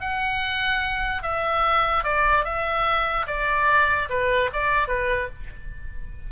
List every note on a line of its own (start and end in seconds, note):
0.00 1.22 F#5
1.22 2.04 E5
2.04 2.44 D5
2.45 3.26 E5
3.27 4.08 D5
4.09 4.50 B4
4.53 4.88 D5
4.88 5.28 B4